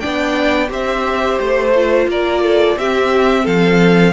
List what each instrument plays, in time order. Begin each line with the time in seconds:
0.00 cello B3, viola D4, violin D5 G5
0.68 cello C4, viola G4, violin C5 E5
1.39 cello A3, violin C5
1.76 viola F4
2.07 cello A#3, violin A#4 D5
2.44 violin A4
2.77 cello C4, viola C4, violin G4 E5
3.44 cello F3, violin A4 F5